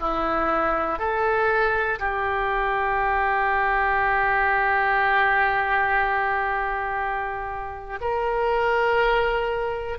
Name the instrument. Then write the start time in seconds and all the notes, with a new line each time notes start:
oboe
0.00 E4
0.99 A4
1.99 G4
8.00 A#4